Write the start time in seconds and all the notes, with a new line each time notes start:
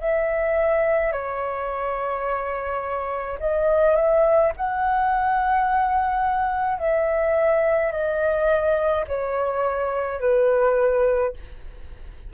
0.00 E5
1.12 C#5
3.40 D#5
3.96 E5
4.56 F#5
6.79 E5
7.92 D#5
9.08 C#5
10.20 B4